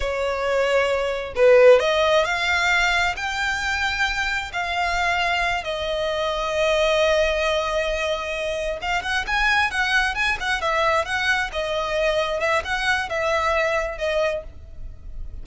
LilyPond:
\new Staff \with { instrumentName = "violin" } { \time 4/4 \tempo 4 = 133 cis''2. b'4 | dis''4 f''2 g''4~ | g''2 f''2~ | f''8 dis''2.~ dis''8~ |
dis''2.~ dis''8 f''8 | fis''8 gis''4 fis''4 gis''8 fis''8 e''8~ | e''8 fis''4 dis''2 e''8 | fis''4 e''2 dis''4 | }